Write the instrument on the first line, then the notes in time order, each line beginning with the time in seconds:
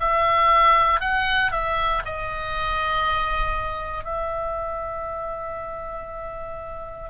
oboe
0.00 E5
1.00 F#5
1.51 E5
2.05 D#5
4.04 E5